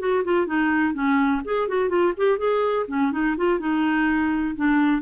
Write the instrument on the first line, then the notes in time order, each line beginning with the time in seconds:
clarinet
0.00 F#4
0.25 F4
0.47 D#4
0.94 C#4
1.45 G#4
1.69 F#4
1.89 F4
2.18 G4
2.39 G#4
2.88 C#4
3.12 D#4
3.37 F4
3.60 D#4
4.56 D4